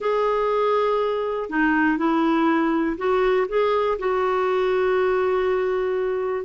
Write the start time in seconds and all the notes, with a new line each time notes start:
0.00 G#4
1.49 D#4
1.97 E4
2.97 F#4
3.48 G#4
3.98 F#4